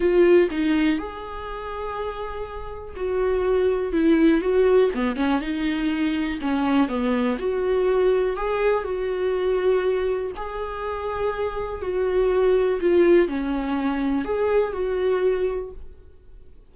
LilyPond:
\new Staff \with { instrumentName = "viola" } { \time 4/4 \tempo 4 = 122 f'4 dis'4 gis'2~ | gis'2 fis'2 | e'4 fis'4 b8 cis'8 dis'4~ | dis'4 cis'4 b4 fis'4~ |
fis'4 gis'4 fis'2~ | fis'4 gis'2. | fis'2 f'4 cis'4~ | cis'4 gis'4 fis'2 | }